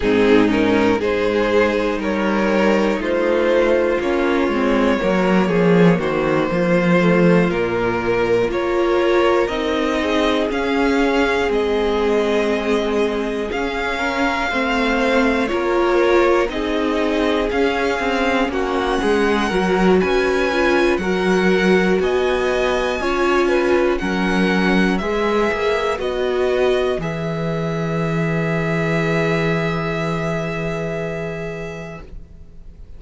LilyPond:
<<
  \new Staff \with { instrumentName = "violin" } { \time 4/4 \tempo 4 = 60 gis'8 ais'8 c''4 cis''4 c''4 | cis''2 c''4. ais'8~ | ais'8 cis''4 dis''4 f''4 dis''8~ | dis''4. f''2 cis''8~ |
cis''8 dis''4 f''4 fis''4. | gis''4 fis''4 gis''2 | fis''4 e''4 dis''4 e''4~ | e''1 | }
  \new Staff \with { instrumentName = "violin" } { \time 4/4 dis'4 gis'4 ais'4 f'4~ | f'4 ais'8 gis'8 fis'8 f'4.~ | f'8 ais'4. gis'2~ | gis'2 ais'8 c''4 ais'8~ |
ais'8 gis'2 fis'8 gis'8 ais'8 | b'4 ais'4 dis''4 cis''8 b'8 | ais'4 b'2.~ | b'1 | }
  \new Staff \with { instrumentName = "viola" } { \time 4/4 c'8 cis'8 dis'2. | cis'8 c'8 ais2 a8 ais8~ | ais8 f'4 dis'4 cis'4 c'8~ | c'4. cis'4 c'4 f'8~ |
f'8 dis'4 cis'2 fis'8~ | fis'8 f'8 fis'2 f'4 | cis'4 gis'4 fis'4 gis'4~ | gis'1 | }
  \new Staff \with { instrumentName = "cello" } { \time 4/4 gis,4 gis4 g4 a4 | ais8 gis8 fis8 f8 dis8 f4 ais,8~ | ais,8 ais4 c'4 cis'4 gis8~ | gis4. cis'4 a4 ais8~ |
ais8 c'4 cis'8 c'8 ais8 gis8 fis8 | cis'4 fis4 b4 cis'4 | fis4 gis8 ais8 b4 e4~ | e1 | }
>>